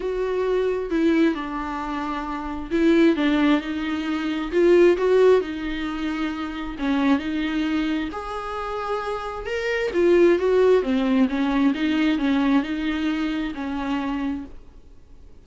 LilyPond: \new Staff \with { instrumentName = "viola" } { \time 4/4 \tempo 4 = 133 fis'2 e'4 d'4~ | d'2 e'4 d'4 | dis'2 f'4 fis'4 | dis'2. cis'4 |
dis'2 gis'2~ | gis'4 ais'4 f'4 fis'4 | c'4 cis'4 dis'4 cis'4 | dis'2 cis'2 | }